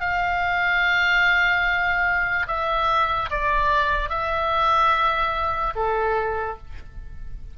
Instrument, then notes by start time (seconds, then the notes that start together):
oboe
0.00 F5
2.47 E5
3.30 D5
4.09 E5
5.75 A4